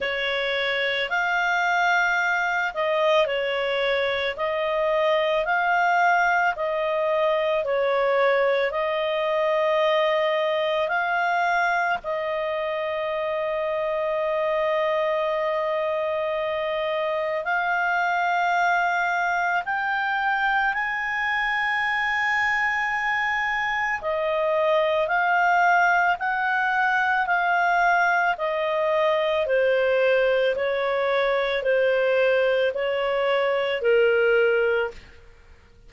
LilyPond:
\new Staff \with { instrumentName = "clarinet" } { \time 4/4 \tempo 4 = 55 cis''4 f''4. dis''8 cis''4 | dis''4 f''4 dis''4 cis''4 | dis''2 f''4 dis''4~ | dis''1 |
f''2 g''4 gis''4~ | gis''2 dis''4 f''4 | fis''4 f''4 dis''4 c''4 | cis''4 c''4 cis''4 ais'4 | }